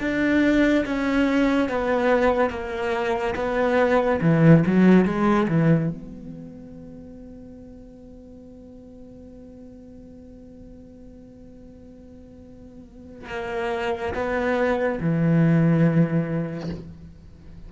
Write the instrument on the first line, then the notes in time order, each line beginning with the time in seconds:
cello
0.00 D4
0.86 C#4
1.69 B3
2.50 A#3
3.36 B3
4.21 E3
4.66 F#3
5.05 G#3
5.48 E3
5.90 B3
13.29 A#3
14.14 B3
15.00 E3